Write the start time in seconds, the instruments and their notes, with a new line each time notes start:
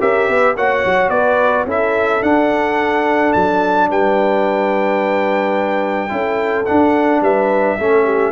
0.00 tuba C#4, trombone G4, horn A#4, trumpet E5
0.28 tuba B3, horn B4
0.56 tuba A#3, trombone F#4, horn C#5, trumpet F#5
0.85 tuba F#3
1.09 tuba B3, horn B4, trumpet D5
1.65 tuba C#4, trombone E4, horn A4, trumpet E5
2.22 trombone D4, tuba D4, trumpet F#5
3.33 tuba F#3, trumpet A5
3.89 tuba G3, horn B4, trumpet G5
6.09 tuba C#4, trombone E4, horn A4
6.66 trombone D4, tuba D4, trumpet F#5
7.21 tuba G3, horn B4, trumpet E5
7.78 tuba A3, trombone C#4, horn A4
8.04 horn G4